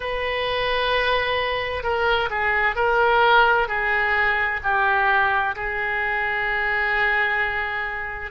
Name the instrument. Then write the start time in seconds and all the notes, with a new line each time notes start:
oboe
0.00 B4
1.83 A#4
2.30 G#4
2.75 A#4
3.68 G#4
4.63 G4
5.55 G#4